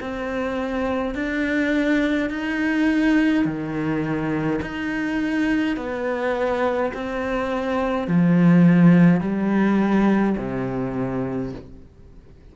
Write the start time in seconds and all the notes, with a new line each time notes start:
0.00 C4
1.15 D4
2.30 D#4
3.45 D#3
4.62 D#4
5.77 B3
6.94 C4
8.08 F3
9.21 G3
10.37 C3